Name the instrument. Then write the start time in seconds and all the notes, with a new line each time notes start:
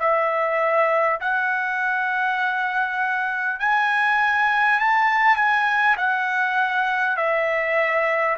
trumpet
0.00 E5
1.21 F#5
3.60 G#5
4.80 A5
5.37 G#5
5.98 F#5
7.17 E5